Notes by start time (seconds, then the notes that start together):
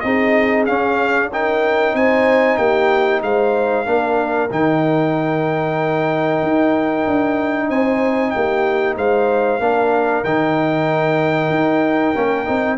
0.00 C4 D#4 G#4 D#5
0.66 C#4 F5
1.32 D#4 A#4 G5
1.93 C4 C5 G#5
2.57 A#3 G4 G5
3.22 G#3 C5 F5
3.85 A#3 D4 A#4
4.50 D#3 D#4 G5
6.42 D#4
7.07 D4
7.69 C4 C5 G#5
8.30 A#3 G4 G5
8.96 G#3 C5 F5
9.60 A#3 D4 A#4
10.24 D#3 D#4 G5
11.50 D#4
12.15 A#3 C#4
12.45 C4 D#4